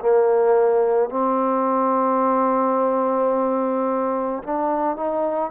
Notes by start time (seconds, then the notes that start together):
0.00 A#3
1.10 C4
4.43 D4
4.97 D#4